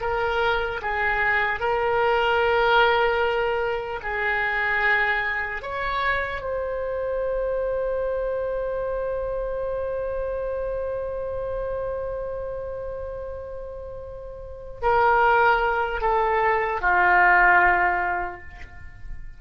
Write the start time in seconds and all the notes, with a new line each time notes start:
0.00 A#4
0.81 G#4
1.59 A#4
4.03 G#4
5.62 C#5
6.41 C5
14.81 A#4
16.01 A4
16.81 F4